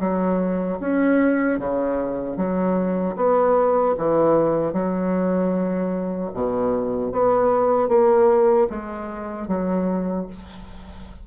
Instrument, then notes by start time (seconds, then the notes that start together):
bassoon
0.00 F#3
0.80 C#4
1.59 C#3
2.37 F#3
3.17 B3
3.98 E3
4.73 F#3
6.34 B2
7.12 B3
7.89 A#3
8.70 G#3
9.48 F#3